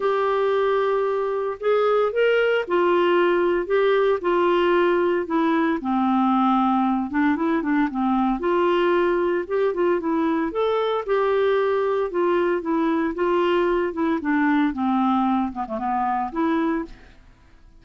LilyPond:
\new Staff \with { instrumentName = "clarinet" } { \time 4/4 \tempo 4 = 114 g'2. gis'4 | ais'4 f'2 g'4 | f'2 e'4 c'4~ | c'4. d'8 e'8 d'8 c'4 |
f'2 g'8 f'8 e'4 | a'4 g'2 f'4 | e'4 f'4. e'8 d'4 | c'4. b16 a16 b4 e'4 | }